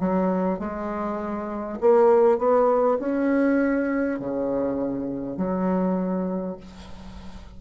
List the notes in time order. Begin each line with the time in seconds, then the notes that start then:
0.00 F#3
0.59 G#3
1.81 A#3
2.38 B3
2.99 C#4
4.19 C#3
5.37 F#3